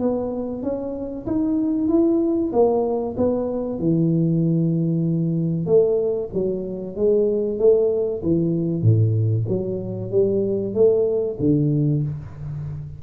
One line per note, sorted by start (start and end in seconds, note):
0.00 0.63 B3
0.63 1.26 C#4
1.27 1.89 D#4
1.89 2.52 E4
2.53 3.16 A#3
3.18 3.80 B3
3.80 5.67 E3
5.67 6.30 A3
6.34 6.96 F#3
6.96 7.59 G#3
7.59 8.22 A3
8.23 8.82 E3
8.82 9.46 A2
9.49 10.11 F#3
10.11 10.75 G3
10.75 11.38 A3
11.40 12.03 D3